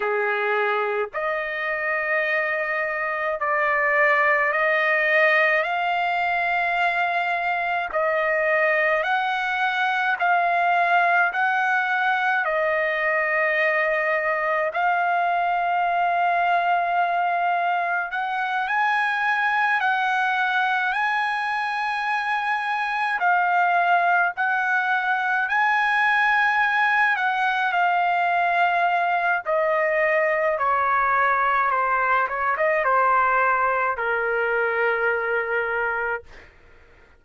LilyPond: \new Staff \with { instrumentName = "trumpet" } { \time 4/4 \tempo 4 = 53 gis'4 dis''2 d''4 | dis''4 f''2 dis''4 | fis''4 f''4 fis''4 dis''4~ | dis''4 f''2. |
fis''8 gis''4 fis''4 gis''4.~ | gis''8 f''4 fis''4 gis''4. | fis''8 f''4. dis''4 cis''4 | c''8 cis''16 dis''16 c''4 ais'2 | }